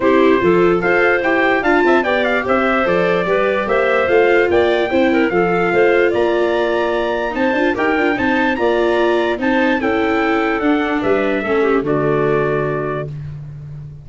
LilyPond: <<
  \new Staff \with { instrumentName = "trumpet" } { \time 4/4 \tempo 4 = 147 c''2 f''4 g''4 | a''4 g''8 f''8 e''4 d''4~ | d''4 e''4 f''4 g''4~ | g''4 f''2 ais''4~ |
ais''2 a''4 g''4 | a''4 ais''2 a''4 | g''2 fis''4 e''4~ | e''4 d''2. | }
  \new Staff \with { instrumentName = "clarinet" } { \time 4/4 g'4 a'4 c''2 | f''8 e''8 d''4 c''2 | b'4 c''2 d''4 | c''8 ais'8 a'4 c''4 d''4~ |
d''2 c''4 ais'4 | c''4 d''2 c''4 | a'2. b'4 | a'8 g'8 fis'2. | }
  \new Staff \with { instrumentName = "viola" } { \time 4/4 e'4 f'4 a'4 g'4 | f'4 g'2 a'4 | g'2 f'2 | e'4 f'2.~ |
f'2 dis'8 f'8 g'8 f'8 | dis'4 f'2 dis'4 | e'2 d'2 | cis'4 a2. | }
  \new Staff \with { instrumentName = "tuba" } { \time 4/4 c'4 f4 f'4 e'4 | d'8 c'8 b4 c'4 f4 | g4 ais4 a4 ais4 | c'4 f4 a4 ais4~ |
ais2 c'8 d'8 dis'8 d'8 | c'4 ais2 c'4 | cis'2 d'4 g4 | a4 d2. | }
>>